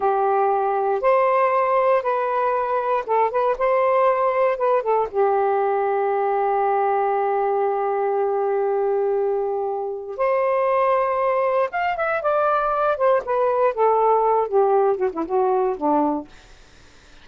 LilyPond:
\new Staff \with { instrumentName = "saxophone" } { \time 4/4 \tempo 4 = 118 g'2 c''2 | b'2 a'8 b'8 c''4~ | c''4 b'8 a'8 g'2~ | g'1~ |
g'1 | c''2. f''8 e''8 | d''4. c''8 b'4 a'4~ | a'8 g'4 fis'16 e'16 fis'4 d'4 | }